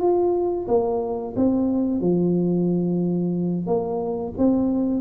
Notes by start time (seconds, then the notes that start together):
0.00 F4
0.68 A#3
1.36 C4
2.00 F3
3.66 A#3
4.38 C4